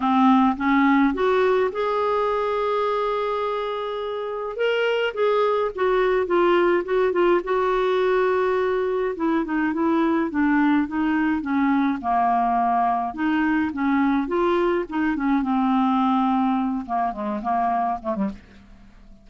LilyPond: \new Staff \with { instrumentName = "clarinet" } { \time 4/4 \tempo 4 = 105 c'4 cis'4 fis'4 gis'4~ | gis'1 | ais'4 gis'4 fis'4 f'4 | fis'8 f'8 fis'2. |
e'8 dis'8 e'4 d'4 dis'4 | cis'4 ais2 dis'4 | cis'4 f'4 dis'8 cis'8 c'4~ | c'4. ais8 gis8 ais4 a16 g16 | }